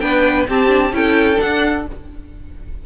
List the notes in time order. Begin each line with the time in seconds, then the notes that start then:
0.00 B3 D4 B4 G5
0.48 C4 G4 A5
0.67 D4
0.92 C#4 E4 A4 G5
1.36 D4 F#5